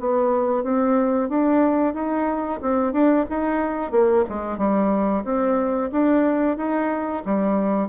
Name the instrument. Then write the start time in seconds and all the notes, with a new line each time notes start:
bassoon
0.00 B3
0.64 C4
1.29 D4
1.94 D#4
2.62 C4
2.93 D4
3.30 D#4
3.92 A#3
4.29 G#3
4.58 G3
5.25 C4
5.92 D4
6.58 D#4
7.26 G3